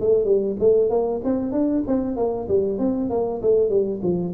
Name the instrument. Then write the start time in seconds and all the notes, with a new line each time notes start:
tuba
0.00 A3
0.25 G3
0.60 A3
0.90 A#3
1.24 C4
1.52 D4
1.87 C4
2.16 A#3
2.49 G3
2.79 C4
3.10 A#3
3.42 A3
3.70 G3
4.03 F3